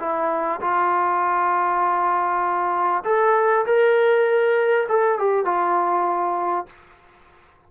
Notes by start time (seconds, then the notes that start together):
0.00 E4
0.61 F4
3.05 A4
3.66 A#4
4.89 A4
5.19 G4
5.45 F4